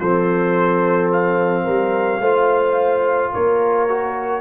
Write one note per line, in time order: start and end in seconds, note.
0.00 1.67 F3
0.00 2.22 C4
0.00 1.65 A4
0.00 1.11 C5
1.13 3.34 F5
1.65 2.20 G3
1.65 2.20 A#4
2.20 3.31 A3
2.20 3.89 F4
2.20 3.32 C5
3.33 4.41 A#3
3.33 4.41 A#4
3.33 4.41 C#5
3.89 4.41 F#4